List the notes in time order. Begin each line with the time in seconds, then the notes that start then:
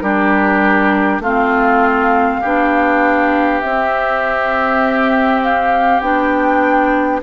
0.00 G3 D4 G4 A#4
1.19 A3 C4 F4 F5
2.40 B3 D4 G4
3.60 C4 E5
5.42 F5
6.00 B3 D4 G5